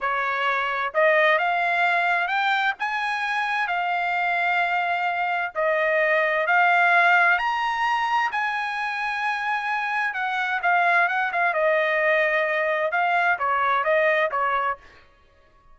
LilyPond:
\new Staff \with { instrumentName = "trumpet" } { \time 4/4 \tempo 4 = 130 cis''2 dis''4 f''4~ | f''4 g''4 gis''2 | f''1 | dis''2 f''2 |
ais''2 gis''2~ | gis''2 fis''4 f''4 | fis''8 f''8 dis''2. | f''4 cis''4 dis''4 cis''4 | }